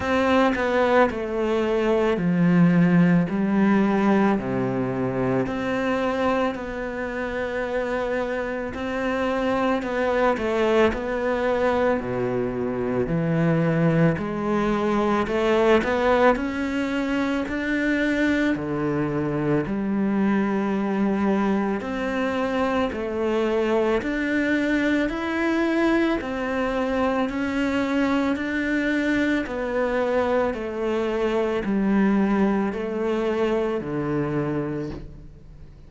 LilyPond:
\new Staff \with { instrumentName = "cello" } { \time 4/4 \tempo 4 = 55 c'8 b8 a4 f4 g4 | c4 c'4 b2 | c'4 b8 a8 b4 b,4 | e4 gis4 a8 b8 cis'4 |
d'4 d4 g2 | c'4 a4 d'4 e'4 | c'4 cis'4 d'4 b4 | a4 g4 a4 d4 | }